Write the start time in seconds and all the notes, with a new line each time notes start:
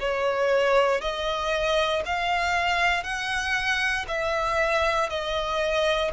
0.00 C#5
1.01 D#5
2.05 F5
3.04 F#5
4.08 E5
5.09 D#5